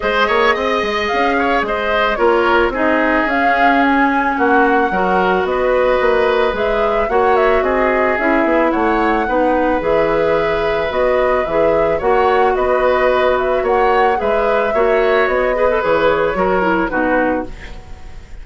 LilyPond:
<<
  \new Staff \with { instrumentName = "flute" } { \time 4/4 \tempo 4 = 110 dis''2 f''4 dis''4 | cis''4 dis''4 f''4 gis''4 | fis''2 dis''2 | e''4 fis''8 e''8 dis''4 e''4 |
fis''2 e''2 | dis''4 e''4 fis''4 dis''4~ | dis''8 e''8 fis''4 e''2 | dis''4 cis''2 b'4 | }
  \new Staff \with { instrumentName = "oboe" } { \time 4/4 c''8 cis''8 dis''4. cis''8 c''4 | ais'4 gis'2. | fis'4 ais'4 b'2~ | b'4 cis''4 gis'2 |
cis''4 b'2.~ | b'2 cis''4 b'4~ | b'4 cis''4 b'4 cis''4~ | cis''8 b'4. ais'4 fis'4 | }
  \new Staff \with { instrumentName = "clarinet" } { \time 4/4 gis'1 | f'4 dis'4 cis'2~ | cis'4 fis'2. | gis'4 fis'2 e'4~ |
e'4 dis'4 gis'2 | fis'4 gis'4 fis'2~ | fis'2 gis'4 fis'4~ | fis'8 gis'16 a'16 gis'4 fis'8 e'8 dis'4 | }
  \new Staff \with { instrumentName = "bassoon" } { \time 4/4 gis8 ais8 c'8 gis8 cis'4 gis4 | ais4 c'4 cis'2 | ais4 fis4 b4 ais4 | gis4 ais4 c'4 cis'8 b8 |
a4 b4 e2 | b4 e4 ais4 b4~ | b4 ais4 gis4 ais4 | b4 e4 fis4 b,4 | }
>>